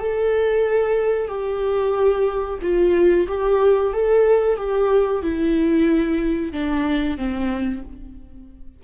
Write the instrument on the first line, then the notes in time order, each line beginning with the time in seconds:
viola
0.00 A4
1.29 G4
2.62 F4
3.28 G4
3.94 A4
4.57 G4
5.23 E4
6.53 D4
7.17 C4